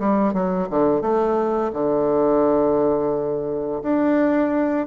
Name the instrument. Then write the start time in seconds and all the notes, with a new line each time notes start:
bassoon
0.00 G3
0.34 F#3
0.70 D3
1.02 A3
1.73 D3
3.83 D4